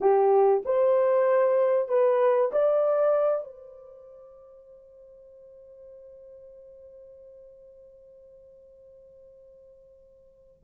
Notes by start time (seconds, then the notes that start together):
0.00 G4
0.65 C5
1.88 B4
2.52 D5
3.44 C5